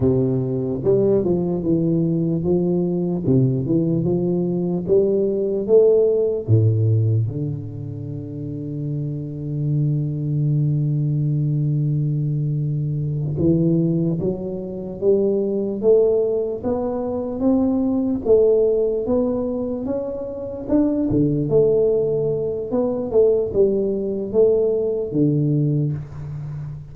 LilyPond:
\new Staff \with { instrumentName = "tuba" } { \time 4/4 \tempo 4 = 74 c4 g8 f8 e4 f4 | c8 e8 f4 g4 a4 | a,4 d2.~ | d1~ |
d8 e4 fis4 g4 a8~ | a8 b4 c'4 a4 b8~ | b8 cis'4 d'8 d8 a4. | b8 a8 g4 a4 d4 | }